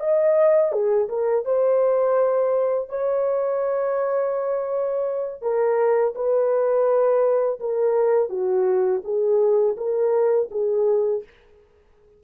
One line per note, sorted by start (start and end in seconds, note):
0.00 0.72 D#5
0.72 1.08 G#4
1.09 1.45 A#4
1.45 2.89 C5
2.89 5.42 C#5
5.42 6.14 A#4
6.15 7.60 B4
7.60 8.30 A#4
8.30 9.02 F#4
9.04 9.77 G#4
9.77 10.49 A#4
10.51 11.23 G#4